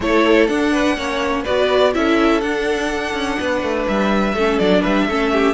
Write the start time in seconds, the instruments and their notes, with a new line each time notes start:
0.00 cello A3, viola E4, violin A4 C#5
0.47 cello D4, viola D4, violin F#5
0.72 violin B4
0.96 cello A#3, viola C#4, violin C#5
1.42 cello B3, viola F#4, violin B4 D5
1.93 cello C#4, viola E4, violin A4 E5
2.41 cello D4, viola D4, violin F#5
3.13 cello C#4
3.39 cello B3, violin B4
3.62 cello A3
3.88 cello G3, violin E5
4.33 cello A3, viola C#4, violin A4
4.58 cello F#3, viola D4, violin D5
4.80 cello G3, violin B4 E5
5.08 cello A3, viola C#4, violin A4
5.32 violin G4